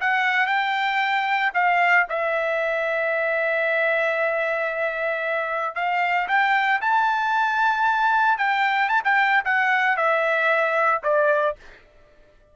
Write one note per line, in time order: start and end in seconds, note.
0.00 0.46 F#5
0.46 1.51 G5
1.54 2.06 F5
2.09 5.75 E5
5.75 6.28 F5
6.28 6.81 G5
6.81 8.38 A5
8.38 8.89 G5
8.89 9.02 A5
9.04 9.44 G5
9.44 9.96 F#5
9.96 11.02 E5
11.03 11.56 D5